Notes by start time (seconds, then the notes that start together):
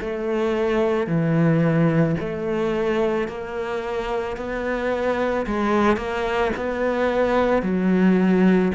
0.00 A3
1.06 E3
2.19 A3
3.28 A#3
4.36 B3
5.46 G#3
5.97 A#3
6.56 B3
7.62 F#3